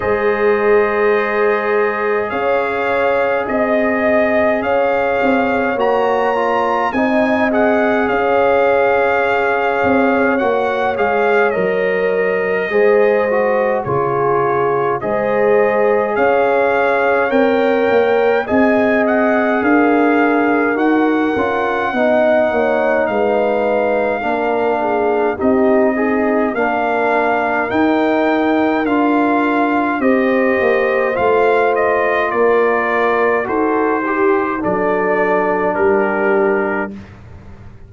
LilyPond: <<
  \new Staff \with { instrumentName = "trumpet" } { \time 4/4 \tempo 4 = 52 dis''2 f''4 dis''4 | f''4 ais''4 gis''8 fis''8 f''4~ | f''4 fis''8 f''8 dis''2 | cis''4 dis''4 f''4 g''4 |
gis''8 fis''8 f''4 fis''2 | f''2 dis''4 f''4 | g''4 f''4 dis''4 f''8 dis''8 | d''4 c''4 d''4 ais'4 | }
  \new Staff \with { instrumentName = "horn" } { \time 4/4 c''2 cis''4 dis''4 | cis''2 dis''4 cis''4~ | cis''2. c''4 | gis'4 c''4 cis''2 |
dis''4 ais'2 dis''8 cis''8 | b'4 ais'8 gis'8 g'8 dis'8 ais'4~ | ais'2 c''2 | ais'4 a'8 g'8 a'4 g'4 | }
  \new Staff \with { instrumentName = "trombone" } { \time 4/4 gis'1~ | gis'4 fis'8 f'8 dis'8 gis'4.~ | gis'4 fis'8 gis'8 ais'4 gis'8 fis'8 | f'4 gis'2 ais'4 |
gis'2 fis'8 f'8 dis'4~ | dis'4 d'4 dis'8 gis'8 d'4 | dis'4 f'4 g'4 f'4~ | f'4 fis'8 g'8 d'2 | }
  \new Staff \with { instrumentName = "tuba" } { \time 4/4 gis2 cis'4 c'4 | cis'8 c'8 ais4 c'4 cis'4~ | cis'8 c'8 ais8 gis8 fis4 gis4 | cis4 gis4 cis'4 c'8 ais8 |
c'4 d'4 dis'8 cis'8 b8 ais8 | gis4 ais4 c'4 ais4 | dis'4 d'4 c'8 ais8 a4 | ais4 dis'4 fis4 g4 | }
>>